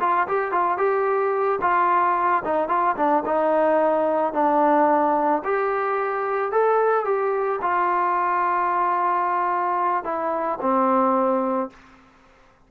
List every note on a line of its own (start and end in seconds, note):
0.00 0.27 F4
0.28 0.52 G4
0.52 0.78 F4
0.78 1.59 G4
1.61 2.43 F4
2.44 2.69 D#4
2.69 2.96 F4
2.97 3.24 D4
3.26 4.33 D#4
4.33 5.42 D4
5.44 6.52 G4
6.52 7.05 A4
7.05 7.60 G4
7.62 10.04 F4
10.04 10.59 E4
10.61 11.70 C4